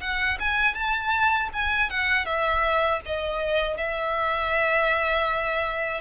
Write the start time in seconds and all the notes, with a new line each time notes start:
0.00 F#5
0.39 G#5
0.74 A5
1.53 G#5
1.90 F#5
2.25 E5
3.05 D#5
3.77 E5